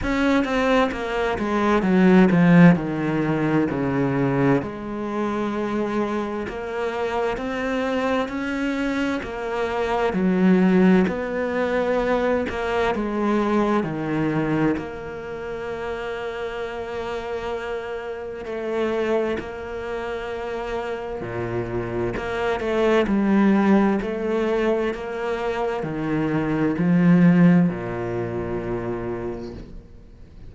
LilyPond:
\new Staff \with { instrumentName = "cello" } { \time 4/4 \tempo 4 = 65 cis'8 c'8 ais8 gis8 fis8 f8 dis4 | cis4 gis2 ais4 | c'4 cis'4 ais4 fis4 | b4. ais8 gis4 dis4 |
ais1 | a4 ais2 ais,4 | ais8 a8 g4 a4 ais4 | dis4 f4 ais,2 | }